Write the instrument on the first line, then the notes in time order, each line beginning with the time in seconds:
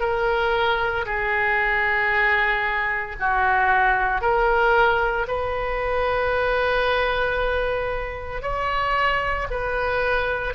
oboe
0.00 A#4
1.06 G#4
3.20 F#4
4.21 A#4
5.28 B4
8.42 C#5
9.51 B4